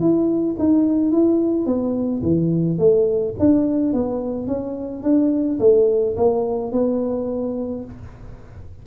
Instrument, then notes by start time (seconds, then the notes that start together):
tuba
0.00 E4
0.59 D#4
1.12 E4
1.66 B3
2.23 E3
2.79 A3
3.39 D4
3.94 B3
4.47 C#4
5.03 D4
5.60 A3
6.17 A#3
6.72 B3